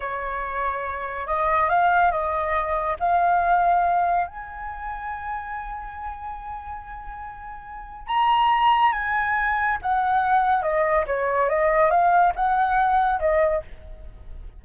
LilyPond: \new Staff \with { instrumentName = "flute" } { \time 4/4 \tempo 4 = 141 cis''2. dis''4 | f''4 dis''2 f''4~ | f''2 gis''2~ | gis''1~ |
gis''2. ais''4~ | ais''4 gis''2 fis''4~ | fis''4 dis''4 cis''4 dis''4 | f''4 fis''2 dis''4 | }